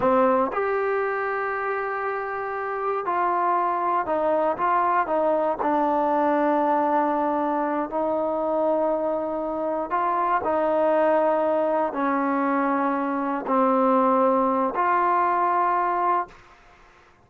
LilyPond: \new Staff \with { instrumentName = "trombone" } { \time 4/4 \tempo 4 = 118 c'4 g'2.~ | g'2 f'2 | dis'4 f'4 dis'4 d'4~ | d'2.~ d'8 dis'8~ |
dis'2.~ dis'8 f'8~ | f'8 dis'2. cis'8~ | cis'2~ cis'8 c'4.~ | c'4 f'2. | }